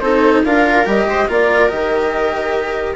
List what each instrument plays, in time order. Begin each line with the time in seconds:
0.00 bassoon C4, cello D#4, viola A4, flute C5
0.45 bassoon D4, cello F4, viola A#4, flute F5
0.86 bassoon G3, cello G4, flute D#5
1.07 bassoon G#3, viola C5
1.28 bassoon A#3, cello F4, viola A#4, flute D5
1.69 bassoon D#3, cello G4, flute D#5